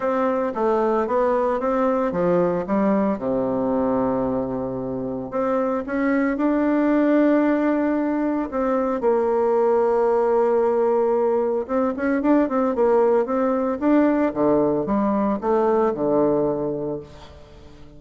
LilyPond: \new Staff \with { instrumentName = "bassoon" } { \time 4/4 \tempo 4 = 113 c'4 a4 b4 c'4 | f4 g4 c2~ | c2 c'4 cis'4 | d'1 |
c'4 ais2.~ | ais2 c'8 cis'8 d'8 c'8 | ais4 c'4 d'4 d4 | g4 a4 d2 | }